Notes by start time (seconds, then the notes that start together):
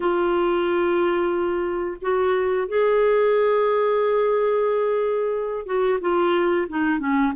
0.00 F4
2.01 F#4
2.68 G#4
5.65 F#4
6.00 F4
6.68 D#4
6.99 C#4